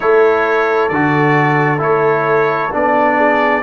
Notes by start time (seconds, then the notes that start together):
0.00 A3 E4 A4 C#5
0.88 D3 F#4 D5
1.78 A3 E4 C#5
2.71 B3 D4 D5
3.17 G#4